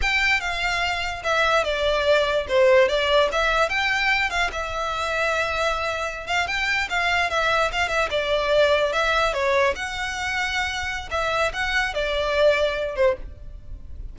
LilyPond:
\new Staff \with { instrumentName = "violin" } { \time 4/4 \tempo 4 = 146 g''4 f''2 e''4 | d''2 c''4 d''4 | e''4 g''4. f''8 e''4~ | e''2.~ e''16 f''8 g''16~ |
g''8. f''4 e''4 f''8 e''8 d''16~ | d''4.~ d''16 e''4 cis''4 fis''16~ | fis''2. e''4 | fis''4 d''2~ d''8 c''8 | }